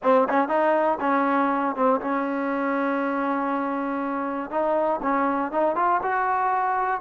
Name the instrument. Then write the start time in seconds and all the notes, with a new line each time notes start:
trombone
0.02 C4
0.29 C#4
0.48 D#4
1.00 C#4
1.75 C4
2.00 C#4
4.50 D#4
5.02 C#4
5.51 D#4
5.75 F4
6.02 F#4